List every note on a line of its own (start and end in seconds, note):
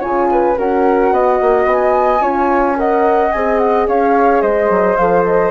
0.00 0.58 C#3
0.00 0.56 F4
0.00 0.28 C#5
0.00 0.57 G#5
0.32 0.58 B4
0.58 1.12 C#4
0.58 2.21 F#4
0.58 1.13 A#4
0.58 1.69 F#5
1.12 1.39 B3
1.12 2.22 D#5
1.41 1.65 A#3
1.65 2.20 B3
1.65 2.79 G#5
2.20 3.30 C#4
2.20 2.76 F4
2.20 2.77 C#5
2.76 3.31 A#4
2.76 3.88 D#5
2.76 3.32 F#5
3.32 3.88 C4
3.32 4.99 G#4
3.32 3.58 G#5
3.58 3.86 F#5
3.88 4.42 C#4
3.88 4.42 C#5
3.88 4.41 F5
4.41 4.69 G#3
4.41 5.51 C5
4.41 4.96 D#5
4.69 4.97 F#3
4.96 5.51 F3
4.96 5.51 A4
4.96 5.24 F5
5.25 5.51 D#5